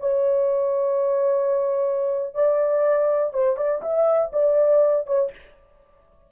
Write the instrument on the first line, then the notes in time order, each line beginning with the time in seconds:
horn
0.00 C#5
2.35 D5
3.34 C5
3.57 D5
3.82 E5
4.33 D5
5.07 C#5